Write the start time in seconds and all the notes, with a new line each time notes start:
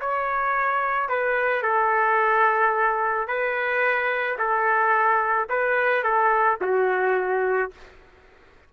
0.00 C#5
1.09 B4
1.62 A4
3.27 B4
4.38 A4
5.49 B4
6.04 A4
6.61 F#4